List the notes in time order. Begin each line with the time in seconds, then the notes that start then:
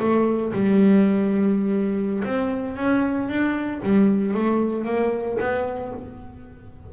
0.00 A3
0.53 G3
2.24 C4
2.77 C#4
3.29 D4
3.83 G3
4.34 A3
4.85 A#3
5.40 B3